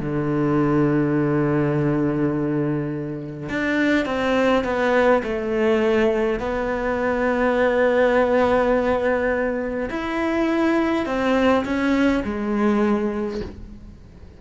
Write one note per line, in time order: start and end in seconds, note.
0.00 3.49 D3
3.49 4.06 D4
4.06 4.64 C4
4.64 5.22 B3
5.23 6.39 A3
6.39 9.89 B3
9.90 11.06 E4
11.06 11.64 C4
11.65 12.23 C#4
12.24 13.41 G#3